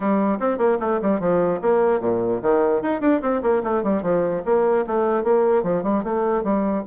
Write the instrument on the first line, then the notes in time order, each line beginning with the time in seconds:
bassoon
0.00 G3
0.39 C4
0.57 A#3
0.80 A3
1.01 G3
1.20 F3
1.61 A#3
2.00 A#2
2.42 D#3
2.82 D#4
3.01 D4
3.21 C4
3.42 A#3
3.63 A3
3.83 G3
4.02 F3
4.45 A#3
4.86 A3
5.23 A#3
5.63 F3
5.83 G3
6.03 A3
6.43 G3